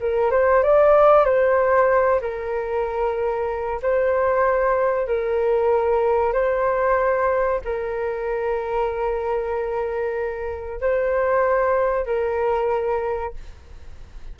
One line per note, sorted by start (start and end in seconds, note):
0.00 0.31 A#4
0.31 0.63 C5
0.63 1.25 D5
1.25 2.21 C5
2.21 3.80 A#4
3.82 5.07 C5
5.07 6.33 A#4
6.33 7.60 C5
7.64 10.80 A#4
10.80 12.05 C5
12.05 13.33 A#4